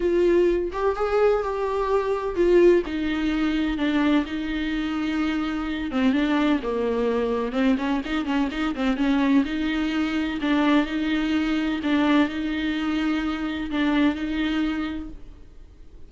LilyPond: \new Staff \with { instrumentName = "viola" } { \time 4/4 \tempo 4 = 127 f'4. g'8 gis'4 g'4~ | g'4 f'4 dis'2 | d'4 dis'2.~ | dis'8 c'8 d'4 ais2 |
c'8 cis'8 dis'8 cis'8 dis'8 c'8 cis'4 | dis'2 d'4 dis'4~ | dis'4 d'4 dis'2~ | dis'4 d'4 dis'2 | }